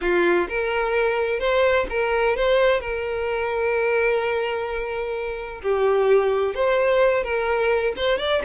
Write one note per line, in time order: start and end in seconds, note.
0.01 0.48 F4
0.48 1.39 A#4
1.39 1.86 C5
1.89 2.36 A#4
2.36 2.80 C5
2.80 5.61 A#4
5.62 6.55 G4
6.55 7.23 C5
7.23 7.93 A#4
7.96 8.18 C5
8.18 8.41 D5